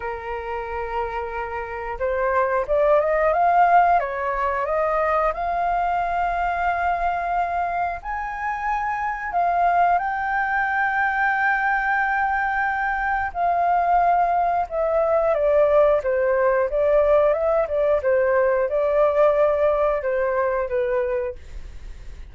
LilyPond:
\new Staff \with { instrumentName = "flute" } { \time 4/4 \tempo 4 = 90 ais'2. c''4 | d''8 dis''8 f''4 cis''4 dis''4 | f''1 | gis''2 f''4 g''4~ |
g''1 | f''2 e''4 d''4 | c''4 d''4 e''8 d''8 c''4 | d''2 c''4 b'4 | }